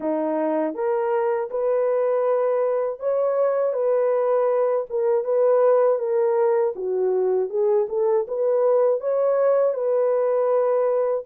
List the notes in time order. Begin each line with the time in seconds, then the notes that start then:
0.00 D#4
0.74 A#4
1.50 B4
2.99 C#5
3.73 B4
4.89 A#4
5.24 B4
5.98 A#4
6.75 F#4
7.49 G#4
7.89 A4
8.27 B4
9.00 C#5
9.74 B4